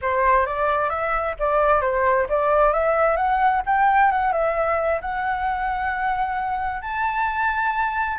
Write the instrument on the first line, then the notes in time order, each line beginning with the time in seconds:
flute
0.01 C5
0.45 D5
0.89 E5
1.39 D5
1.81 C5
2.29 D5
2.73 E5
3.16 F#5
3.66 G5
4.11 F#5
4.32 E5
5.01 F#5
6.81 A5